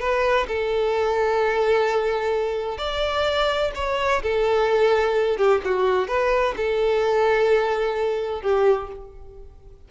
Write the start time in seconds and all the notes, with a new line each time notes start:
0.00 B4
0.48 A4
2.78 D5
3.75 C#5
4.23 A4
5.38 G4
5.65 F#4
6.08 B4
6.57 A4
8.42 G4